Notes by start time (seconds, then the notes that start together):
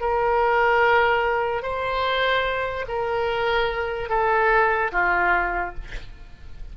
0.00 A#4
1.62 C5
2.88 A#4
4.09 A4
4.92 F4